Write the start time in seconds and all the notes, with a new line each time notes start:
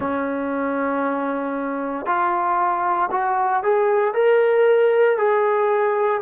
0.00 C#4
2.05 F4
3.11 F#4
3.63 G#4
4.14 A#4
5.17 G#4